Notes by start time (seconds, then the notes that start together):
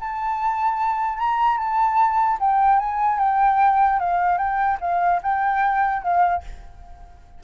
0.00 A5
1.19 A#5
1.58 A5
2.40 G5
2.79 G#5
3.19 G5
4.00 F5
4.38 G5
4.81 F5
5.23 G5
6.03 F5